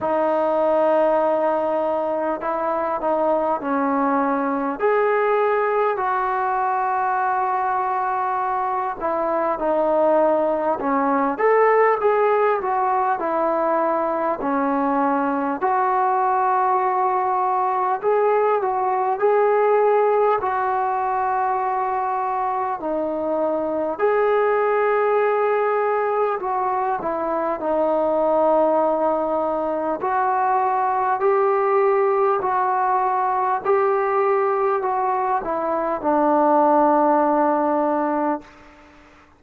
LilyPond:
\new Staff \with { instrumentName = "trombone" } { \time 4/4 \tempo 4 = 50 dis'2 e'8 dis'8 cis'4 | gis'4 fis'2~ fis'8 e'8 | dis'4 cis'8 a'8 gis'8 fis'8 e'4 | cis'4 fis'2 gis'8 fis'8 |
gis'4 fis'2 dis'4 | gis'2 fis'8 e'8 dis'4~ | dis'4 fis'4 g'4 fis'4 | g'4 fis'8 e'8 d'2 | }